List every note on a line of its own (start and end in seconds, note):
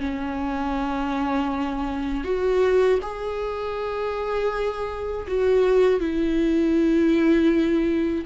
0.00 2.25 C#4
2.25 3.00 F#4
3.02 5.27 G#4
5.28 6.00 F#4
6.00 8.25 E4